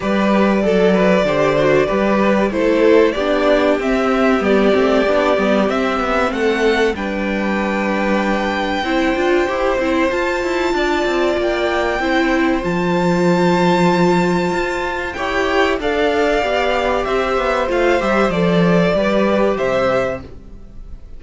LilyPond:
<<
  \new Staff \with { instrumentName = "violin" } { \time 4/4 \tempo 4 = 95 d''1 | c''4 d''4 e''4 d''4~ | d''4 e''4 fis''4 g''4~ | g''1 |
a''2 g''2 | a''1 | g''4 f''2 e''4 | f''8 e''8 d''2 e''4 | }
  \new Staff \with { instrumentName = "violin" } { \time 4/4 b'4 a'8 b'8 c''4 b'4 | a'4 g'2.~ | g'2 a'4 b'4~ | b'2 c''2~ |
c''4 d''2 c''4~ | c''1 | cis''4 d''2 c''4~ | c''2 b'4 c''4 | }
  \new Staff \with { instrumentName = "viola" } { \time 4/4 g'4 a'4 g'8 fis'8 g'4 | e'4 d'4 c'4 b8 c'8 | d'8 b8 c'2 d'4~ | d'2 e'8 f'8 g'8 e'8 |
f'2. e'4 | f'1 | g'4 a'4 g'2 | f'8 g'8 a'4 g'2 | }
  \new Staff \with { instrumentName = "cello" } { \time 4/4 g4 fis4 d4 g4 | a4 b4 c'4 g8 a8 | b8 g8 c'8 b8 a4 g4~ | g2 c'8 d'8 e'8 c'8 |
f'8 e'8 d'8 c'8 ais4 c'4 | f2. f'4 | e'4 d'4 b4 c'8 b8 | a8 g8 f4 g4 c4 | }
>>